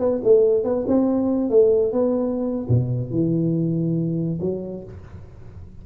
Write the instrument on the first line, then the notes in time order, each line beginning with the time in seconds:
tuba
0.00 B3
0.24 A3
0.64 B3
0.88 C4
1.50 A3
1.93 B3
2.69 B2
3.11 E3
4.41 F#3